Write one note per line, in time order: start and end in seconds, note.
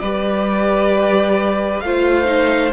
0.00 1.82 G3
0.00 1.85 G4
0.00 1.84 B4
0.00 1.80 D5
1.80 2.73 A3
1.80 2.25 F4
1.80 2.73 C5
1.80 2.71 F5
2.25 2.70 D#4